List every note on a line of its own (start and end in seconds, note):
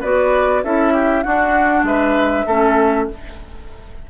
0.00 0.64 B3
0.00 0.64 F#4
0.00 0.61 B4
0.00 0.63 D5
0.63 1.25 C#4
0.63 1.23 E4
0.63 0.93 A4
0.63 1.23 E5
0.93 1.23 G4
1.23 2.46 D4
1.23 1.83 D4
1.23 1.85 F#4
1.23 1.84 F#5
1.83 2.44 G#3
1.83 2.46 B4
1.83 3.08 E5
2.46 3.08 A3
2.46 3.10 C#4
2.46 3.07 A4